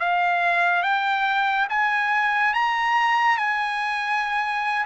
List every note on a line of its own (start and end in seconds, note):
0.00 0.83 F5
0.83 1.67 G5
1.69 2.54 G#5
2.54 3.38 A#5
3.38 4.86 G#5